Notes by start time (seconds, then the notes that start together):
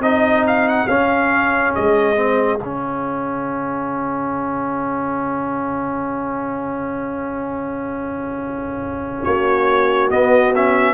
0.00 C4 D#4 G#4 D#5
0.48 F5
0.69 F#5
0.88 C#4 F5
1.75 G#3 D#5
2.16 C4
2.60 C#3 C#4 F5
9.24 A#3 F#4 C#5
10.11 B3 D#5
10.55 C#4 E5